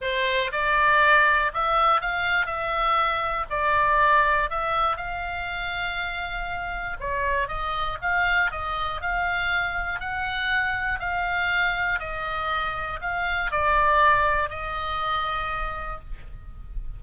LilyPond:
\new Staff \with { instrumentName = "oboe" } { \time 4/4 \tempo 4 = 120 c''4 d''2 e''4 | f''4 e''2 d''4~ | d''4 e''4 f''2~ | f''2 cis''4 dis''4 |
f''4 dis''4 f''2 | fis''2 f''2 | dis''2 f''4 d''4~ | d''4 dis''2. | }